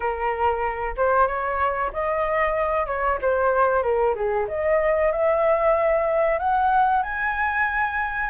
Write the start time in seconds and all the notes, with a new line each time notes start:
0.00 A#4
0.96 C5
1.27 C#5
1.92 D#5
2.86 C#5
3.21 C5
3.82 A#4
4.15 G#4
4.48 D#5
5.12 E5
6.38 F#5
7.02 G#5